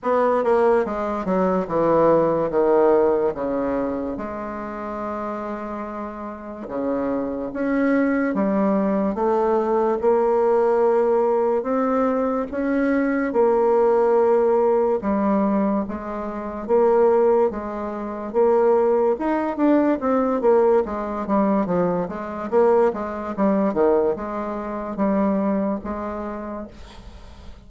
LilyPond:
\new Staff \with { instrumentName = "bassoon" } { \time 4/4 \tempo 4 = 72 b8 ais8 gis8 fis8 e4 dis4 | cis4 gis2. | cis4 cis'4 g4 a4 | ais2 c'4 cis'4 |
ais2 g4 gis4 | ais4 gis4 ais4 dis'8 d'8 | c'8 ais8 gis8 g8 f8 gis8 ais8 gis8 | g8 dis8 gis4 g4 gis4 | }